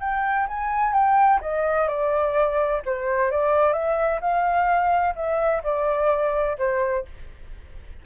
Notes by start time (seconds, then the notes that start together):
0.00 G5
0.47 G#5
0.92 G5
1.41 D#5
1.88 D5
2.85 C5
3.30 D5
3.73 E5
4.21 F5
5.15 E5
5.63 D5
6.58 C5